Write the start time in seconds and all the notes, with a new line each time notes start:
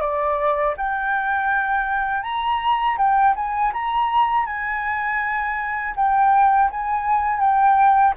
0.00 D5
0.77 G5
2.23 A#5
2.97 G5
3.35 G#5
3.73 A#5
4.46 G#5
5.96 G5
6.70 G#5
7.40 G5